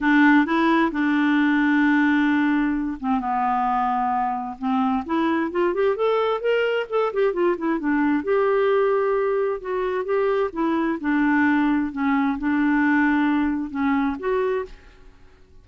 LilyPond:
\new Staff \with { instrumentName = "clarinet" } { \time 4/4 \tempo 4 = 131 d'4 e'4 d'2~ | d'2~ d'8 c'8 b4~ | b2 c'4 e'4 | f'8 g'8 a'4 ais'4 a'8 g'8 |
f'8 e'8 d'4 g'2~ | g'4 fis'4 g'4 e'4 | d'2 cis'4 d'4~ | d'2 cis'4 fis'4 | }